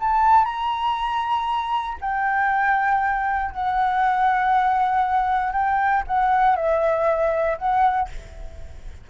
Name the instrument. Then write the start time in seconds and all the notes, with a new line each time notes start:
flute
0.00 A5
0.45 A#5
2.01 G5
3.52 F#5
5.52 G5
6.07 F#5
6.56 E5
7.58 F#5